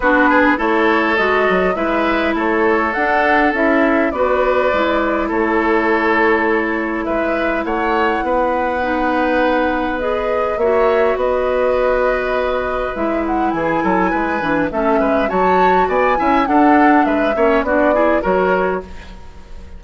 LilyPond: <<
  \new Staff \with { instrumentName = "flute" } { \time 4/4 \tempo 4 = 102 b'4 cis''4 dis''4 e''4 | cis''4 fis''4 e''4 d''4~ | d''4 cis''2. | e''4 fis''2.~ |
fis''4 dis''4 e''4 dis''4~ | dis''2 e''8 fis''8 gis''4~ | gis''4 e''4 a''4 gis''4 | fis''4 e''4 d''4 cis''4 | }
  \new Staff \with { instrumentName = "oboe" } { \time 4/4 fis'8 gis'8 a'2 b'4 | a'2. b'4~ | b'4 a'2. | b'4 cis''4 b'2~ |
b'2 cis''4 b'4~ | b'2. gis'8 a'8 | b'4 a'8 b'8 cis''4 d''8 e''8 | a'4 b'8 cis''8 fis'8 gis'8 ais'4 | }
  \new Staff \with { instrumentName = "clarinet" } { \time 4/4 d'4 e'4 fis'4 e'4~ | e'4 d'4 e'4 fis'4 | e'1~ | e'2. dis'4~ |
dis'4 gis'4 fis'2~ | fis'2 e'2~ | e'8 d'8 cis'4 fis'4. e'8 | d'4. cis'8 d'8 e'8 fis'4 | }
  \new Staff \with { instrumentName = "bassoon" } { \time 4/4 b4 a4 gis8 fis8 gis4 | a4 d'4 cis'4 b4 | gis4 a2. | gis4 a4 b2~ |
b2 ais4 b4~ | b2 gis4 e8 fis8 | gis8 e8 a8 gis8 fis4 b8 cis'8 | d'4 gis8 ais8 b4 fis4 | }
>>